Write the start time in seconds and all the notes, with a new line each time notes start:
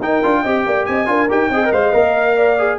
0.00 D#4 A#4 G5
0.24 D4 F4
0.42 C4 G4 D#5
0.66 A#3 D5
0.86 C4 D#5 G#5
1.07 D4 F4 A#4
1.30 D#4 G4 G5
1.50 C4 G#4 D#5
1.65 A#4
1.72 G#3 C5 F5
1.93 A#3 A#4
2.37 D5
2.59 G#4